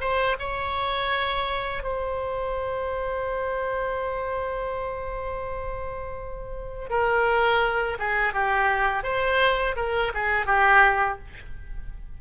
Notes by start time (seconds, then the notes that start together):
0.00 C5
0.39 C#5
1.83 C5
6.89 A#4
7.99 G#4
8.33 G4
9.03 C5
9.76 A#4
10.14 G#4
10.46 G4